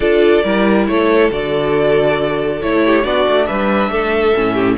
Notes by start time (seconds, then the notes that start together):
0.00 D4 F4 A4 D5
0.44 G3 E4 A#4
0.87 A3 A4 C#5
1.31 D3 F#4 D5
2.61 A3 E4 C#5
2.84 G4
3.02 B3 D4 F#4 D5
3.27 A3
3.46 G3 B4 E5
3.89 A3 A4
4.34 A2 C#4
4.53 G4